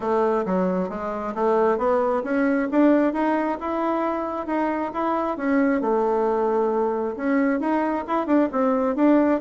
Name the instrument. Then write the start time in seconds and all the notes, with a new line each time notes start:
bassoon
0.00 A3
0.45 F#3
0.89 G#3
1.34 A3
1.77 B3
2.23 C#4
2.71 D4
3.13 D#4
3.60 E4
4.46 D#4
4.93 E4
5.37 C#4
5.81 A3
7.16 C#4
7.59 D#4
8.07 E4
8.26 D4
8.52 C4
8.95 D4